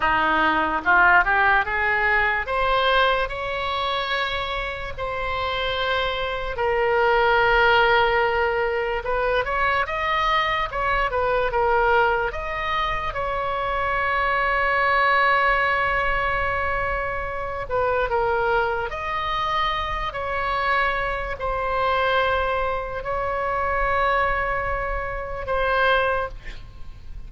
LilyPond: \new Staff \with { instrumentName = "oboe" } { \time 4/4 \tempo 4 = 73 dis'4 f'8 g'8 gis'4 c''4 | cis''2 c''2 | ais'2. b'8 cis''8 | dis''4 cis''8 b'8 ais'4 dis''4 |
cis''1~ | cis''4. b'8 ais'4 dis''4~ | dis''8 cis''4. c''2 | cis''2. c''4 | }